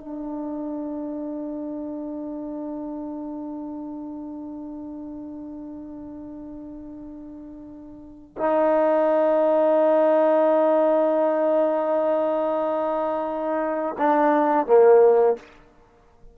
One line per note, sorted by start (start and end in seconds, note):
0.00 8.37 D4
8.38 13.97 D#4
13.99 14.67 D4
14.67 15.37 A#3